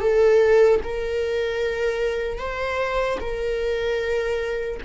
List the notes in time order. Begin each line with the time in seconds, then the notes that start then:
0.00 A4
0.84 A#4
2.38 C5
3.20 A#4